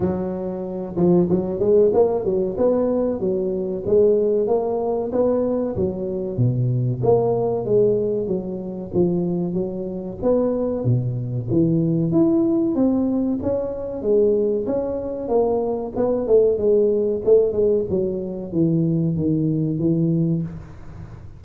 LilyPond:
\new Staff \with { instrumentName = "tuba" } { \time 4/4 \tempo 4 = 94 fis4. f8 fis8 gis8 ais8 fis8 | b4 fis4 gis4 ais4 | b4 fis4 b,4 ais4 | gis4 fis4 f4 fis4 |
b4 b,4 e4 e'4 | c'4 cis'4 gis4 cis'4 | ais4 b8 a8 gis4 a8 gis8 | fis4 e4 dis4 e4 | }